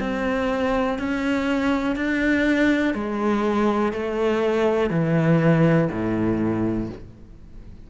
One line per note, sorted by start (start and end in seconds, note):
0.00 0.98 C4
0.98 1.95 C#4
1.95 2.94 D4
2.94 3.92 G#3
3.92 4.90 A3
4.90 5.88 E3
5.91 6.89 A2